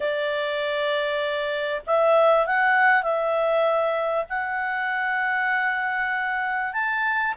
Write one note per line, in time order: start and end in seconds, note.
0.00 1.82 D5
1.86 2.46 E5
2.46 3.03 F#5
3.03 4.25 E5
4.29 6.73 F#5
6.73 7.34 A5